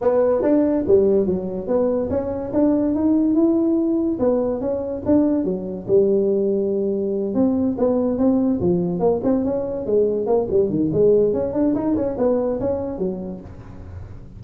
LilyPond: \new Staff \with { instrumentName = "tuba" } { \time 4/4 \tempo 4 = 143 b4 d'4 g4 fis4 | b4 cis'4 d'4 dis'4 | e'2 b4 cis'4 | d'4 fis4 g2~ |
g4. c'4 b4 c'8~ | c'8 f4 ais8 c'8 cis'4 gis8~ | gis8 ais8 g8 dis8 gis4 cis'8 d'8 | dis'8 cis'8 b4 cis'4 fis4 | }